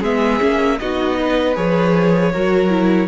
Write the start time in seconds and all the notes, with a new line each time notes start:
0.00 G#3 B3 G#4 E5
0.39 A#3 C#4
0.78 B3 D#4 F#4 D#5
1.19 B4
1.55 F3 G#4 C#5
2.32 F#3 F#4 A#4
2.70 E4